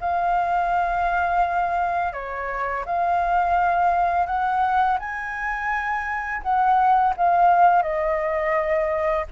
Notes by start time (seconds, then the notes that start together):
0.00 F5
2.13 C#5
2.85 F5
4.26 F#5
4.99 G#5
6.42 F#5
7.17 F5
7.82 D#5